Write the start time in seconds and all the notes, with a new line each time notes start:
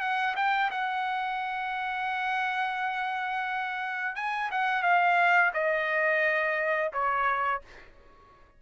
0.00 F#5
0.35 G5
0.71 F#5
4.15 G#5
4.51 F#5
4.82 F5
5.53 D#5
6.92 C#5